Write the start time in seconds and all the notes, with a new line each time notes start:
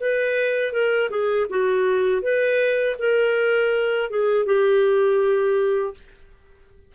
0.00 B4
0.72 A#4
1.10 G#4
1.49 F#4
2.22 B4
2.99 A#4
4.10 G#4
4.46 G4